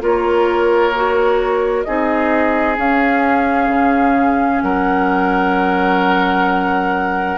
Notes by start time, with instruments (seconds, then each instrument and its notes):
0.00 bassoon A#3, clarinet F4, oboe A#4, flute C#5
0.95 clarinet F#4
1.83 bassoon C4, clarinet D#4, oboe G#4, flute D#5
2.76 clarinet C#4, bassoon C#4, flute F5
3.68 bassoon C#3
4.62 bassoon F#3, oboe A#4, flute F#5